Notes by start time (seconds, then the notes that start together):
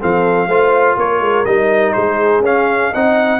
0.00 F3 C4 A4 F5
0.47 A3 F4 C5
0.96 A#3 A#4 C#5
1.20 G#3
1.45 G3 D#4 D#5
1.92 G#3 G#4 C5
2.39 C#4 F5
2.91 C4 D#4 D#5 F#5